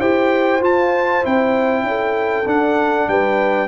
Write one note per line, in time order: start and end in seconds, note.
0.00 0.61 E4
0.00 0.61 G4
0.00 1.84 C5
0.00 0.61 G5
0.61 1.22 F4
0.61 1.25 A5
1.22 1.83 C4
1.22 2.45 E4
1.22 2.48 G5
1.83 2.44 C#4
1.83 3.09 A4
2.46 3.68 D4
2.46 3.07 D4
2.46 3.09 F#5
3.08 3.68 G3
3.08 3.68 B4
3.08 3.68 G5